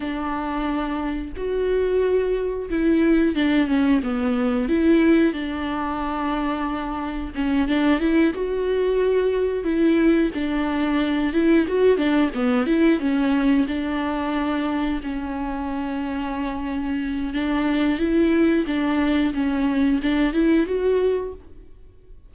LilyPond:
\new Staff \with { instrumentName = "viola" } { \time 4/4 \tempo 4 = 90 d'2 fis'2 | e'4 d'8 cis'8 b4 e'4 | d'2. cis'8 d'8 | e'8 fis'2 e'4 d'8~ |
d'4 e'8 fis'8 d'8 b8 e'8 cis'8~ | cis'8 d'2 cis'4.~ | cis'2 d'4 e'4 | d'4 cis'4 d'8 e'8 fis'4 | }